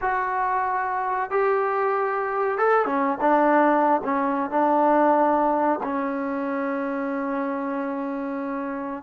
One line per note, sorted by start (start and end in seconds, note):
0.01 1.30 F#4
1.30 2.57 G4
2.57 2.85 A4
2.85 3.18 C#4
3.20 4.01 D4
4.04 4.50 C#4
4.50 5.79 D4
5.83 9.03 C#4